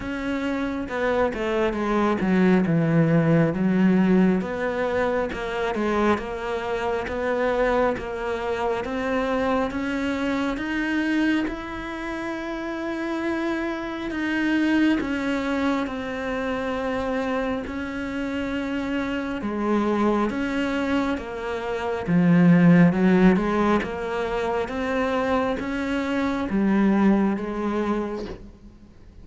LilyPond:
\new Staff \with { instrumentName = "cello" } { \time 4/4 \tempo 4 = 68 cis'4 b8 a8 gis8 fis8 e4 | fis4 b4 ais8 gis8 ais4 | b4 ais4 c'4 cis'4 | dis'4 e'2. |
dis'4 cis'4 c'2 | cis'2 gis4 cis'4 | ais4 f4 fis8 gis8 ais4 | c'4 cis'4 g4 gis4 | }